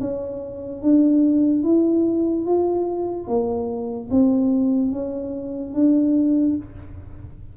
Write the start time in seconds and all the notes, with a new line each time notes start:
0.00 C#4
0.82 D4
1.63 E4
2.45 F4
3.27 A#3
4.10 C4
4.92 C#4
5.73 D4